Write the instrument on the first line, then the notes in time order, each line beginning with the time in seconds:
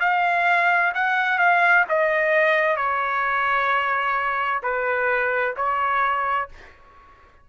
trumpet
0.00 F5
0.94 F#5
1.38 F5
1.89 D#5
2.77 C#5
4.63 B4
5.56 C#5